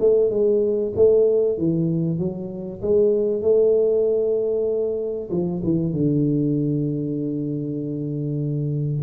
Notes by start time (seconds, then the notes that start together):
0.00 A3
0.31 G#3
0.96 A3
1.58 E3
2.19 F#3
2.82 G#3
3.42 A3
5.31 F3
5.64 E3
5.93 D3